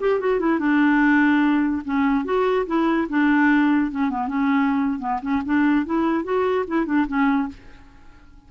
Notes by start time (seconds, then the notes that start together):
0.00 G4
0.20 F#4
0.40 E4
0.59 D4
1.85 C#4
2.25 F#4
2.66 E4
3.09 D4
3.91 C#4
4.10 B3
4.28 C#4
4.99 B3
5.22 C#4
5.45 D4
5.86 E4
6.24 F#4
6.67 E4
6.86 D4
7.07 C#4